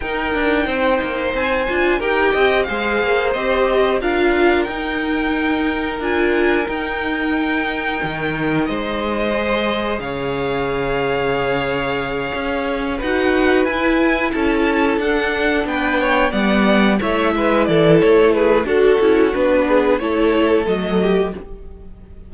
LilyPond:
<<
  \new Staff \with { instrumentName = "violin" } { \time 4/4 \tempo 4 = 90 g''2 gis''4 g''4 | f''4 dis''4 f''4 g''4~ | g''4 gis''4 g''2~ | g''4 dis''2 f''4~ |
f''2.~ f''8 fis''8~ | fis''8 gis''4 a''4 fis''4 g''8~ | g''8 fis''4 e''4 d''8 cis''8 b'8 | a'4 b'4 cis''4 dis''4 | }
  \new Staff \with { instrumentName = "violin" } { \time 4/4 ais'4 c''2 ais'8 dis''8 | c''2 ais'2~ | ais'1~ | ais'4 c''2 cis''4~ |
cis''2.~ cis''8 b'8~ | b'4. a'2 b'8 | cis''8 d''4 cis''8 b'8 a'4 gis'8 | fis'4. gis'8 a'4. g'8 | }
  \new Staff \with { instrumentName = "viola" } { \time 4/4 dis'2~ dis'8 f'8 g'4 | gis'4 g'4 f'4 dis'4~ | dis'4 f'4 dis'2~ | dis'2 gis'2~ |
gis'2.~ gis'8 fis'8~ | fis'8 e'2 d'4.~ | d'8 b4 e'2~ e'8 | fis'8 e'8 d'4 e'4 a4 | }
  \new Staff \with { instrumentName = "cello" } { \time 4/4 dis'8 d'8 c'8 ais8 c'8 d'8 dis'8 c'8 | gis8 ais8 c'4 d'4 dis'4~ | dis'4 d'4 dis'2 | dis4 gis2 cis4~ |
cis2~ cis8 cis'4 dis'8~ | dis'8 e'4 cis'4 d'4 b8~ | b8 g4 a8 gis8 e8 a4 | d'8 cis'8 b4 a4 fis4 | }
>>